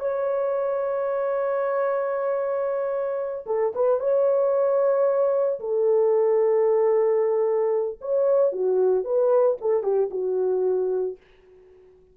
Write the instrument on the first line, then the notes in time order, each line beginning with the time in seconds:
horn
0.00 C#5
3.47 A4
3.75 B4
4.00 C#5
5.60 A4
8.01 C#5
8.52 F#4
9.04 B4
9.61 A4
9.83 G4
10.11 F#4